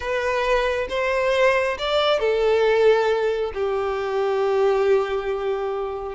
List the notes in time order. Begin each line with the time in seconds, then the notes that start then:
0.00 B4
0.89 C5
1.78 D5
2.19 A4
3.54 G4